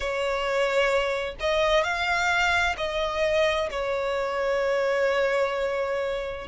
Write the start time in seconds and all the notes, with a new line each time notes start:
0.00 C#5
1.39 D#5
1.83 F5
2.77 D#5
3.70 C#5